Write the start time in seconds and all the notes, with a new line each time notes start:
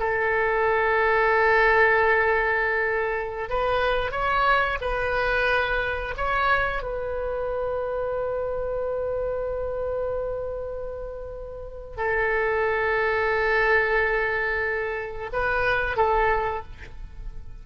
0.00 A4
3.50 B4
4.12 C#5
4.82 B4
6.17 C#5
6.83 B4
11.97 A4
15.33 B4
15.97 A4